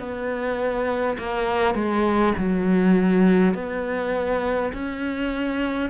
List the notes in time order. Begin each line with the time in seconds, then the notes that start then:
0.00 B3
1.19 A#3
1.75 G#3
2.38 F#3
3.55 B3
4.73 C#4